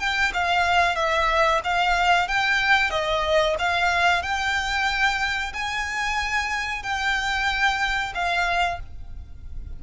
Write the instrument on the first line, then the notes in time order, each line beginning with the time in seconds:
violin
0.00 G5
0.34 F5
0.96 E5
1.65 F5
2.29 G5
2.91 D#5
3.59 F5
4.23 G5
5.54 G#5
6.83 G5
8.15 F5